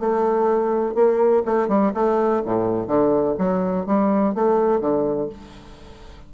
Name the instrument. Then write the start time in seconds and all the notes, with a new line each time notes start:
bassoon
0.00 A3
0.95 A#3
1.45 A3
1.68 G3
1.94 A3
2.45 A2
2.87 D3
3.38 F#3
3.86 G3
4.35 A3
4.81 D3